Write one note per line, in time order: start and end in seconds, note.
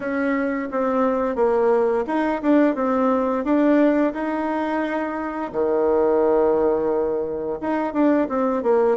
0.00 0.69 C#4
0.71 1.35 C4
1.35 2.04 A#3
2.07 2.41 D#4
2.42 2.75 D4
2.75 3.44 C4
3.44 4.13 D4
4.13 5.51 D#4
5.52 7.59 D#3
7.61 7.93 D#4
7.93 8.27 D4
8.29 8.62 C4
8.62 8.97 A#3